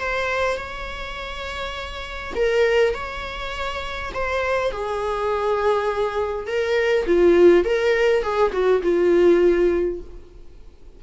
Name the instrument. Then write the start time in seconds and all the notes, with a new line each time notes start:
viola
0.00 C5
0.57 C#5
2.35 A#4
2.94 C#5
4.14 C5
4.71 G#4
6.47 A#4
7.07 F4
7.65 A#4
8.22 G#4
8.52 F#4
8.82 F4